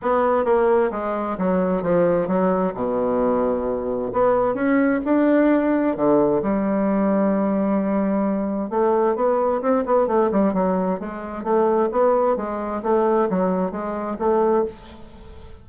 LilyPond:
\new Staff \with { instrumentName = "bassoon" } { \time 4/4 \tempo 4 = 131 b4 ais4 gis4 fis4 | f4 fis4 b,2~ | b,4 b4 cis'4 d'4~ | d'4 d4 g2~ |
g2. a4 | b4 c'8 b8 a8 g8 fis4 | gis4 a4 b4 gis4 | a4 fis4 gis4 a4 | }